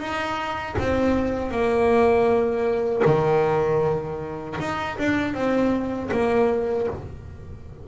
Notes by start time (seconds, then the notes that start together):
0.00 D#4
0.79 C4
1.51 A#3
3.06 D#3
4.61 D#4
4.99 D4
5.34 C4
6.12 A#3